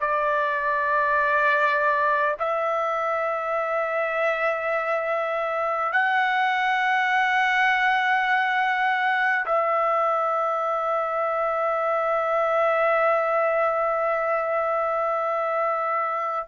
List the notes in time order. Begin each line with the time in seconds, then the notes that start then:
0.00 D5
2.39 E5
5.92 F#5
9.45 E5